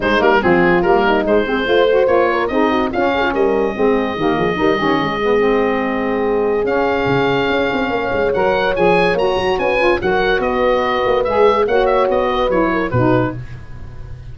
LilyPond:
<<
  \new Staff \with { instrumentName = "oboe" } { \time 4/4 \tempo 4 = 144 c''8 ais'8 gis'4 ais'4 c''4~ | c''4 cis''4 dis''4 f''4 | dis''1~ | dis''1 |
f''1 | fis''4 gis''4 ais''4 gis''4 | fis''4 dis''2 e''4 | fis''8 e''8 dis''4 cis''4 b'4 | }
  \new Staff \with { instrumentName = "horn" } { \time 4/4 dis'4 f'4. dis'4 gis'8 | c''4. ais'8 gis'8 fis'8 f'8 gis'16 f'16 | ais'4 gis'4 g'8 gis'8 ais'8 g'8 | gis'1~ |
gis'2. cis''4~ | cis''2. b'4 | ais'4 b'2. | cis''4. b'4 ais'8 fis'4 | }
  \new Staff \with { instrumentName = "saxophone" } { \time 4/4 gis8 ais8 c'4 ais4 gis8 c'8 | f'8 fis'8 f'4 dis'4 cis'4~ | cis'4 c'4 ais4 dis'8 cis'8~ | cis'8 b8 c'2. |
cis'1 | ais'4 gis'4 fis'4. f'8 | fis'2. gis'4 | fis'2 e'4 dis'4 | }
  \new Staff \with { instrumentName = "tuba" } { \time 4/4 gis8 g8 f4 g4 gis4 | a4 ais4 c'4 cis'4 | g4 gis4 dis8 f8 g8 dis8 | gis1 |
cis'4 cis4 cis'8 c'8 ais8 gis8 | fis4 f4 ais8 fis8 cis'4 | fis4 b4. ais8 gis4 | ais4 b4 fis4 b,4 | }
>>